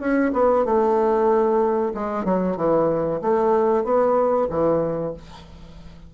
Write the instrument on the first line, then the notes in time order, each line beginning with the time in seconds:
bassoon
0.00 C#4
0.33 B3
0.65 A3
1.94 G#3
2.25 F#3
2.57 E3
3.21 A3
3.84 B3
4.50 E3